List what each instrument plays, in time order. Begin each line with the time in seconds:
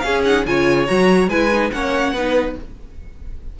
0.00 viola C#4, cello C#4, violin G#4 F5
0.25 viola D#4, violin F#5
0.46 cello C#3, viola F4, violin C#5 G#5
0.87 cello F#3, viola F#4, violin A#5
1.28 cello G#3, viola E4, violin B4 G#5
1.52 viola D#4
1.71 cello A#3, viola C#4, violin C#5 F#5
2.13 cello B3, viola D#4, violin B4